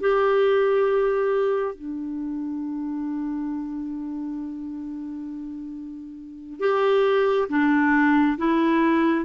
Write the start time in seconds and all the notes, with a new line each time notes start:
0.00 G4
1.75 D4
6.60 G4
7.49 D4
8.38 E4